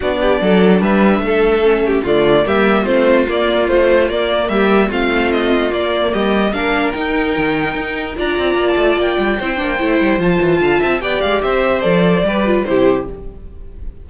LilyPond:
<<
  \new Staff \with { instrumentName = "violin" } { \time 4/4 \tempo 4 = 147 d''2 e''2~ | e''4 d''4 e''4 c''4 | d''4 c''4 d''4 e''4 | f''4 dis''4 d''4 dis''4 |
f''4 g''2. | ais''4~ ais''16 a''8. g''2~ | g''4 a''2 g''8 f''8 | e''4 d''2 c''4 | }
  \new Staff \with { instrumentName = "violin" } { \time 4/4 fis'8 g'8 a'4 b'4 a'4~ | a'8 g'8 f'4 g'4 f'4~ | f'2. g'4 | f'2. g'4 |
ais'1 | d''2. c''4~ | c''2 f''8 e''8 d''4 | c''2 b'4 g'4 | }
  \new Staff \with { instrumentName = "viola" } { \time 4/4 d'1 | cis'4 a4 ais4 c'4 | ais4 f4 ais2 | c'2 ais2 |
d'4 dis'2. | f'2. e'8 d'8 | e'4 f'2 g'4~ | g'4 a'4 g'8 f'8 e'4 | }
  \new Staff \with { instrumentName = "cello" } { \time 4/4 b4 fis4 g4 a4~ | a4 d4 g4 a4 | ais4 a4 ais4 g4 | a2 ais4 g4 |
ais4 dis'4 dis4 dis'4 | d'8 c'8 ais8 a8 ais8 g8 c'8 ais8 | a8 g8 f8 e8 d8 c'8 b8 gis8 | c'4 f4 g4 c4 | }
>>